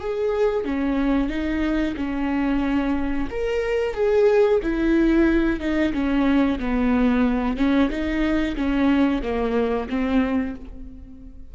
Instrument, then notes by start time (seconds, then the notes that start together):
viola
0.00 G#4
0.65 C#4
1.29 D#4
1.97 C#4
3.30 A#4
3.94 G#4
4.63 E4
5.60 D#4
5.93 C#4
6.59 B3
7.57 C#4
7.90 D#4
8.56 C#4
9.22 A#3
9.89 C4